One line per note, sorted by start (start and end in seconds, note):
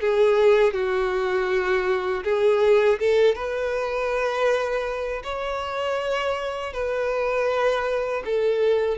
0.00 0.73 G#4
0.73 2.23 F#4
2.23 2.98 G#4
2.99 3.34 A4
3.34 5.22 B4
5.23 6.73 C#5
6.73 8.23 B4
8.25 8.98 A4